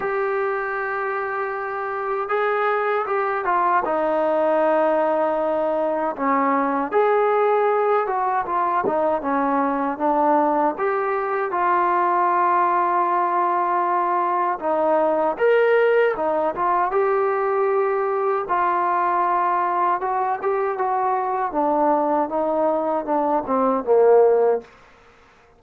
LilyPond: \new Staff \with { instrumentName = "trombone" } { \time 4/4 \tempo 4 = 78 g'2. gis'4 | g'8 f'8 dis'2. | cis'4 gis'4. fis'8 f'8 dis'8 | cis'4 d'4 g'4 f'4~ |
f'2. dis'4 | ais'4 dis'8 f'8 g'2 | f'2 fis'8 g'8 fis'4 | d'4 dis'4 d'8 c'8 ais4 | }